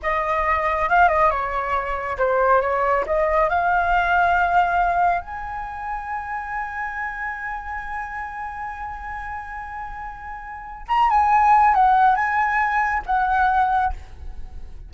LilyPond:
\new Staff \with { instrumentName = "flute" } { \time 4/4 \tempo 4 = 138 dis''2 f''8 dis''8 cis''4~ | cis''4 c''4 cis''4 dis''4 | f''1 | gis''1~ |
gis''1~ | gis''1~ | gis''4 ais''8 gis''4. fis''4 | gis''2 fis''2 | }